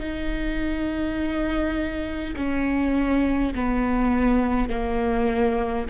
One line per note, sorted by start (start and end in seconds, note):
0.00 2.35 D#4
2.36 3.54 C#4
3.55 4.70 B3
4.70 5.87 A#3